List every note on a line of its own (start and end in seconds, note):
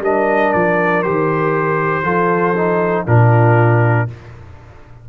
0.00 0.51 G3
0.00 1.04 D4
0.00 2.03 A#4
0.00 0.53 D#5
0.53 1.06 F3
0.53 1.02 D5
1.02 2.04 D#3
1.02 2.04 G4
1.02 3.06 C5
2.03 3.05 F3
2.03 2.54 F4
2.03 3.04 A4
2.57 3.06 D#4
3.06 4.09 A#2
3.06 4.08 D4
3.06 4.08 F4
3.06 4.09 A#4